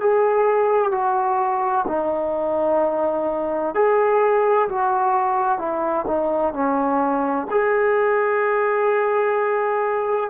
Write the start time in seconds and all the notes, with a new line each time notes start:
0.00 G#4
0.91 F#4
1.87 D#4
3.74 G#4
4.68 F#4
5.59 E4
6.07 D#4
6.53 C#4
7.50 G#4